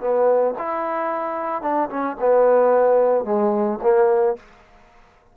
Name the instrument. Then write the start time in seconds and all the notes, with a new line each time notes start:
trombone
0.00 B3
0.58 E4
1.62 D4
1.89 C#4
2.20 B3
3.24 G#3
3.82 A#3